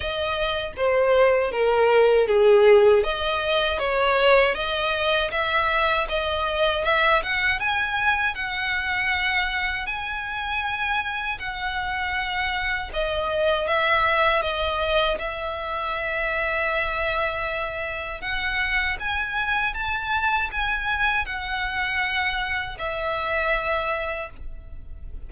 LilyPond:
\new Staff \with { instrumentName = "violin" } { \time 4/4 \tempo 4 = 79 dis''4 c''4 ais'4 gis'4 | dis''4 cis''4 dis''4 e''4 | dis''4 e''8 fis''8 gis''4 fis''4~ | fis''4 gis''2 fis''4~ |
fis''4 dis''4 e''4 dis''4 | e''1 | fis''4 gis''4 a''4 gis''4 | fis''2 e''2 | }